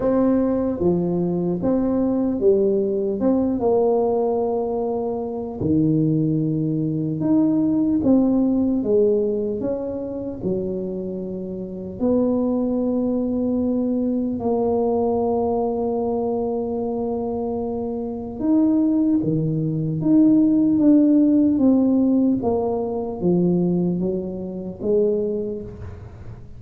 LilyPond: \new Staff \with { instrumentName = "tuba" } { \time 4/4 \tempo 4 = 75 c'4 f4 c'4 g4 | c'8 ais2~ ais8 dis4~ | dis4 dis'4 c'4 gis4 | cis'4 fis2 b4~ |
b2 ais2~ | ais2. dis'4 | dis4 dis'4 d'4 c'4 | ais4 f4 fis4 gis4 | }